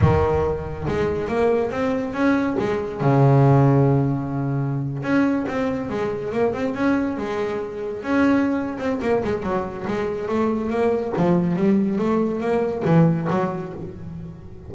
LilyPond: \new Staff \with { instrumentName = "double bass" } { \time 4/4 \tempo 4 = 140 dis2 gis4 ais4 | c'4 cis'4 gis4 cis4~ | cis2.~ cis8. cis'16~ | cis'8. c'4 gis4 ais8 c'8 cis'16~ |
cis'8. gis2 cis'4~ cis'16~ | cis'8 c'8 ais8 gis8 fis4 gis4 | a4 ais4 f4 g4 | a4 ais4 e4 fis4 | }